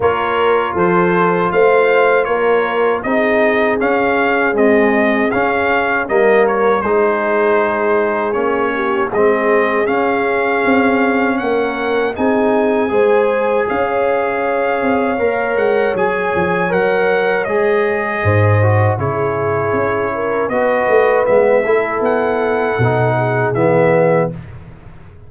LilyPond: <<
  \new Staff \with { instrumentName = "trumpet" } { \time 4/4 \tempo 4 = 79 cis''4 c''4 f''4 cis''4 | dis''4 f''4 dis''4 f''4 | dis''8 cis''8 c''2 cis''4 | dis''4 f''2 fis''4 |
gis''2 f''2~ | f''8 fis''8 gis''4 fis''4 dis''4~ | dis''4 cis''2 dis''4 | e''4 fis''2 e''4 | }
  \new Staff \with { instrumentName = "horn" } { \time 4/4 ais'4 a'4 c''4 ais'4 | gis'1 | ais'4 gis'2~ gis'8 g'8 | gis'2. ais'4 |
gis'4 c''4 cis''2~ | cis''1 | c''4 gis'4. ais'8 b'4~ | b'8 a'2 gis'4. | }
  \new Staff \with { instrumentName = "trombone" } { \time 4/4 f'1 | dis'4 cis'4 gis4 cis'4 | ais4 dis'2 cis'4 | c'4 cis'2. |
dis'4 gis'2. | ais'4 gis'4 ais'4 gis'4~ | gis'8 fis'8 e'2 fis'4 | b8 e'4. dis'4 b4 | }
  \new Staff \with { instrumentName = "tuba" } { \time 4/4 ais4 f4 a4 ais4 | c'4 cis'4 c'4 cis'4 | g4 gis2 ais4 | gis4 cis'4 c'4 ais4 |
c'4 gis4 cis'4. c'8 | ais8 gis8 fis8 f8 fis4 gis4 | gis,4 cis4 cis'4 b8 a8 | gis8 a8 b4 b,4 e4 | }
>>